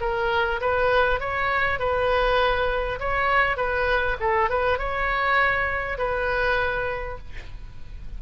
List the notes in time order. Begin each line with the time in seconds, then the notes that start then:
0.00 A#4
0.60 B4
1.19 C#5
1.79 B4
2.99 C#5
3.56 B4
4.19 A4
4.49 B4
4.78 C#5
5.98 B4